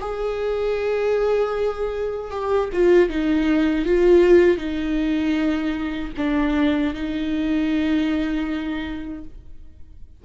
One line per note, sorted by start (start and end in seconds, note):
0.00 2.31 G#4
2.31 2.69 G4
2.73 3.09 F4
3.09 3.85 D#4
3.85 4.57 F4
4.57 6.11 D#4
6.17 6.93 D4
6.93 9.24 D#4